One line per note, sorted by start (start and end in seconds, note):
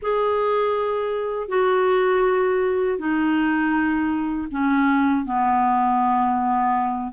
0.02 1.48 G#4
1.48 2.98 F#4
2.98 4.48 D#4
4.51 5.25 C#4
5.25 7.12 B3